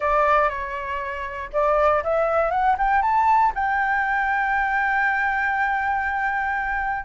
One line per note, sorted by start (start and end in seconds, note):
0.00 0.49 D5
0.49 1.50 C#5
1.52 2.03 D5
2.03 2.50 E5
2.50 2.75 F#5
2.78 3.01 G5
3.01 3.52 A5
3.54 7.05 G5